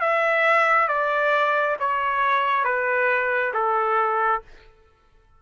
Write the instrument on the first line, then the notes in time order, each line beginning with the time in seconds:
trumpet
0.00 E5
0.88 D5
1.79 C#5
2.64 B4
3.53 A4